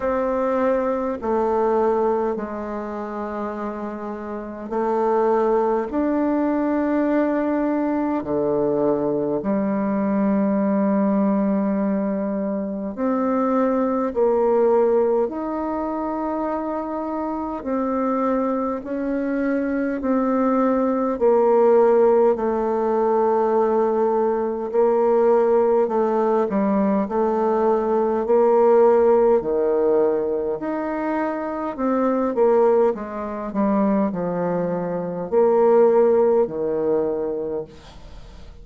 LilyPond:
\new Staff \with { instrumentName = "bassoon" } { \time 4/4 \tempo 4 = 51 c'4 a4 gis2 | a4 d'2 d4 | g2. c'4 | ais4 dis'2 c'4 |
cis'4 c'4 ais4 a4~ | a4 ais4 a8 g8 a4 | ais4 dis4 dis'4 c'8 ais8 | gis8 g8 f4 ais4 dis4 | }